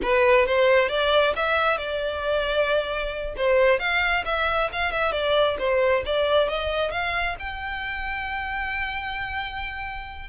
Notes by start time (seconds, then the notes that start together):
0.02 B4
0.46 C5
0.88 D5
1.36 E5
1.77 D5
3.36 C5
3.79 F5
4.25 E5
4.72 F5
4.91 E5
5.11 D5
5.58 C5
6.05 D5
6.48 D#5
6.91 F5
7.39 G5